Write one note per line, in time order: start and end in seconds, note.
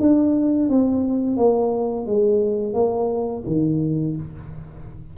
0.00 0.69 D4
0.69 1.37 C4
1.37 2.06 A#3
2.06 2.74 G#3
2.74 3.44 A#3
3.47 4.17 D#3